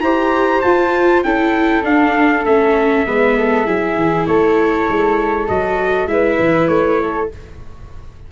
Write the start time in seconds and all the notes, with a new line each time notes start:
0.00 E4 G4 C5 A#5
0.61 F4 A5
1.23 C#4 E4 A4 G5
1.83 D4 F5
2.45 A3 C#4 E5
3.06 G#3 B3 B4
3.36 A4
3.65 F#3 E4 G#4
3.96 E3
4.26 A3 A4 C#5
4.88 G#3
5.47 F#3 F#4 D#5
6.06 G#3 E4 B4 E5
6.39 E3
6.67 A3 C#5
7.01 A4